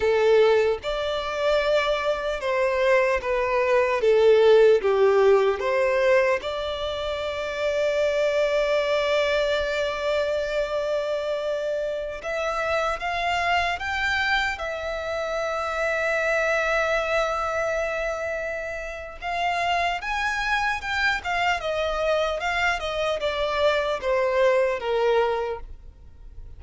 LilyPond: \new Staff \with { instrumentName = "violin" } { \time 4/4 \tempo 4 = 75 a'4 d''2 c''4 | b'4 a'4 g'4 c''4 | d''1~ | d''2.~ d''16 e''8.~ |
e''16 f''4 g''4 e''4.~ e''16~ | e''1 | f''4 gis''4 g''8 f''8 dis''4 | f''8 dis''8 d''4 c''4 ais'4 | }